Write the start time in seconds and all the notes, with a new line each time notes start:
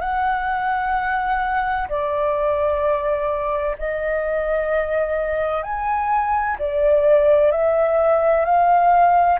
0.00 F#5
1.88 D5
3.78 D#5
5.63 G#5
6.59 D5
7.51 E5
8.45 F5